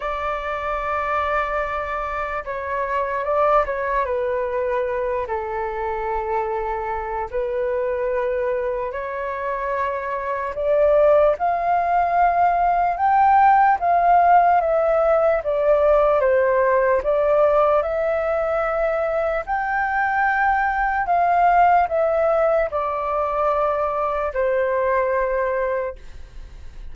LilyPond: \new Staff \with { instrumentName = "flute" } { \time 4/4 \tempo 4 = 74 d''2. cis''4 | d''8 cis''8 b'4. a'4.~ | a'4 b'2 cis''4~ | cis''4 d''4 f''2 |
g''4 f''4 e''4 d''4 | c''4 d''4 e''2 | g''2 f''4 e''4 | d''2 c''2 | }